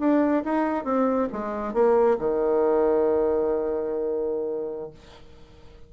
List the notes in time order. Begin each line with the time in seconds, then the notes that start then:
0.00 D4
0.44 D#4
0.85 C4
1.32 G#3
1.74 A#3
2.19 D#3